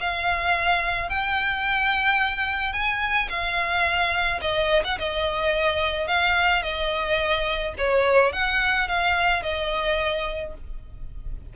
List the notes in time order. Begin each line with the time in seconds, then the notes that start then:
0.00 F5
1.09 G5
2.73 G#5
3.29 F5
4.41 D#5
4.84 F#5
4.98 D#5
6.07 F5
6.63 D#5
7.78 C#5
8.32 F#5
8.88 F5
9.43 D#5